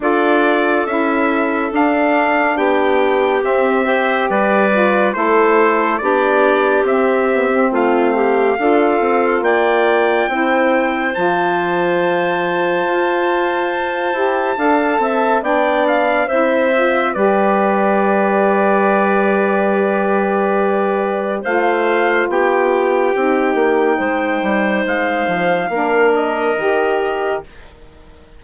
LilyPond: <<
  \new Staff \with { instrumentName = "trumpet" } { \time 4/4 \tempo 4 = 70 d''4 e''4 f''4 g''4 | e''4 d''4 c''4 d''4 | e''4 f''2 g''4~ | g''4 a''2.~ |
a''2 g''8 f''8 e''4 | d''1~ | d''4 f''4 g''2~ | g''4 f''4. dis''4. | }
  \new Staff \with { instrumentName = "clarinet" } { \time 4/4 a'2. g'4~ | g'8 c''8 b'4 a'4 g'4~ | g'4 f'8 g'8 a'4 d''4 | c''1~ |
c''4 f''8 e''8 d''4 c''4 | b'1~ | b'4 c''4 g'2 | c''2 ais'2 | }
  \new Staff \with { instrumentName = "saxophone" } { \time 4/4 f'4 e'4 d'2 | c'8 g'4 f'8 e'4 d'4 | c'8 b16 c'4~ c'16 f'2 | e'4 f'2.~ |
f'8 g'8 a'4 d'4 e'8 f'8 | g'1~ | g'4 f'2 dis'4~ | dis'2 d'4 g'4 | }
  \new Staff \with { instrumentName = "bassoon" } { \time 4/4 d'4 cis'4 d'4 b4 | c'4 g4 a4 b4 | c'4 a4 d'8 c'8 ais4 | c'4 f2 f'4~ |
f'8 e'8 d'8 c'8 b4 c'4 | g1~ | g4 a4 b4 c'8 ais8 | gis8 g8 gis8 f8 ais4 dis4 | }
>>